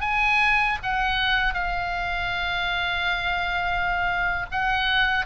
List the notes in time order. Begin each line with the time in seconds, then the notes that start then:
0.00 G#5
0.82 F#5
1.54 F5
4.51 F#5